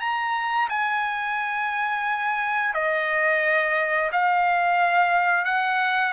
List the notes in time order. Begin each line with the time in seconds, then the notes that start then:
0.00 A#5
0.69 G#5
2.74 D#5
4.12 F5
5.45 F#5